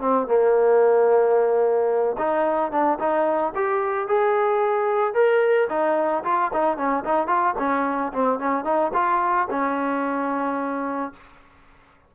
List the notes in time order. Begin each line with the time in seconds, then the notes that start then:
0.00 C4
0.27 A#3
2.18 D#4
2.71 D4
2.99 D#4
3.55 G4
4.07 G#4
5.14 A#4
5.69 D#4
6.24 F4
6.53 D#4
6.77 C#4
7.04 D#4
7.27 F4
7.58 C#4
8.12 C4
8.39 C#4
8.64 D#4
8.94 F4
9.50 C#4